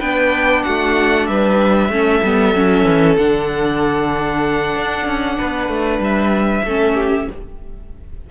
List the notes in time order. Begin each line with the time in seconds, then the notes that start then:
0.00 B3 D4 B4 G5
0.64 A3 F#4 F#5
1.27 G3 B4 E5
1.89 A3 C#4 A4
2.24 G3 B3
2.55 F#3 C#4
2.85 E3
3.17 D3 D4 F#5
4.76 D4
5.06 C#4
5.38 B3 B4
5.69 A3
5.99 G3 E5
6.63 A3 C#4 A4
6.94 G4